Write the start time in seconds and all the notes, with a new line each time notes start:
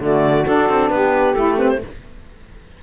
0.00 D3 A3 F#4 D5
0.45 D4 A4
0.69 C4
0.89 B3 G4 B4
1.34 A3 E4 A4
1.57 C4 B4
1.68 C5